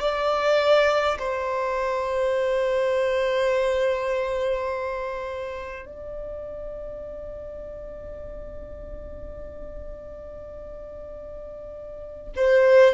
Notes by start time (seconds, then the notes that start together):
0.00 D5
1.19 C5
5.85 D5
12.36 C5